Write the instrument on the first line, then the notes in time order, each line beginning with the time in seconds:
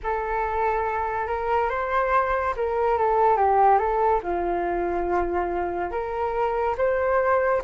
flute
0.03 A4
1.27 A#4
1.69 C5
2.56 A#4
2.98 A4
3.36 G4
3.78 A4
4.23 F4
5.91 A#4
6.77 C5